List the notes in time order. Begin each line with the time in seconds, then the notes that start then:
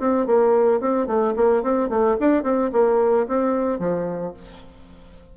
0.00 C4
0.27 A#3
0.81 C4
1.07 A3
1.36 A#3
1.63 C4
1.90 A3
2.20 D4
2.44 C4
2.73 A#3
3.28 C4
3.79 F3